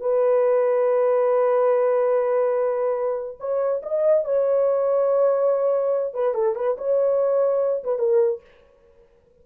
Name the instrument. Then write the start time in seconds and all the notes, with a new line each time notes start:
horn
0.00 B4
3.39 C#5
3.83 D#5
4.24 C#5
6.14 B4
6.34 A4
6.55 B4
6.77 C#5
7.83 B4
7.98 A#4